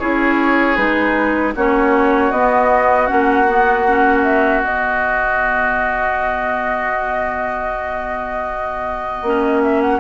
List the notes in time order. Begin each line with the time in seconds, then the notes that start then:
0.00 C#4 E4 G#4 C#5
0.76 G#3 D#4 B4
1.55 A#3 C#4 F#4 C#5
2.32 B3 D#5
3.07 A#3 C#4 F#5
3.48 B3
3.88 C#4
4.23 E5
4.64 B3 D#5
9.22 A#3 C#4
9.63 E5
9.82 F#5